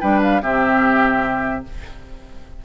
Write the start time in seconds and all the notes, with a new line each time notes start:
0.00 G3 D4 B4 G5
0.22 F5
0.41 C3 C4 G4 E5